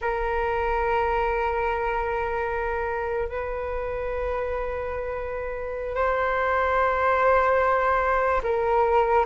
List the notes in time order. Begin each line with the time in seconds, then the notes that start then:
0.01 A#4
3.29 B4
5.95 C5
8.43 A#4